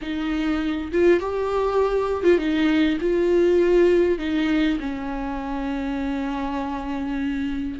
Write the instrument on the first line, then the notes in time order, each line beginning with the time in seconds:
viola
0.01 D#4
0.92 F4
1.20 G4
2.23 F4
2.38 D#4
3.01 F4
4.18 D#4
4.80 C#4